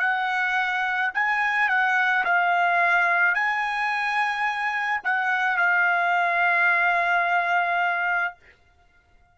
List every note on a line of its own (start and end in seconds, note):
0.00 1.11 F#5
1.15 1.69 G#5
1.69 2.24 F#5
2.25 3.35 F5
3.35 5.02 G#5
5.05 5.58 F#5
5.58 8.35 F5